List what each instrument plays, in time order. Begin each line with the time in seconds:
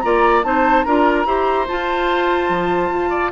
0.00 bassoon A#3, clarinet F4, oboe D5, flute A#5
0.43 bassoon C4, clarinet D#4, oboe C5, flute A5
0.83 bassoon D4, clarinet F4, oboe A#4, flute A#5
1.25 bassoon E4, clarinet G4, oboe C5
1.68 clarinet F4, bassoon F4, flute A5
2.49 bassoon F3
2.90 bassoon F4
3.10 oboe D5